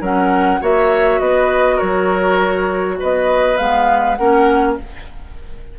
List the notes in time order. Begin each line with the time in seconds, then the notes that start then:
0.00 F#3 C#4 A#4 F#5
0.60 A#3 F#4 C#5 E5
1.20 B3 B4 D#5
1.76 F#3 A#4 C#5
2.99 B3 B4 D#5
3.57 G#3 B3 F5
4.15 A#3 C#4 A#4 F#5